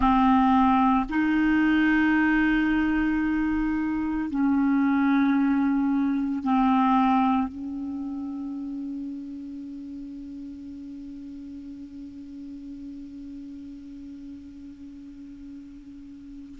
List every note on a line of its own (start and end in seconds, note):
0.00 1.05 C4
1.09 4.30 D#4
4.30 6.43 C#4
6.43 7.48 C4
7.48 16.58 C#4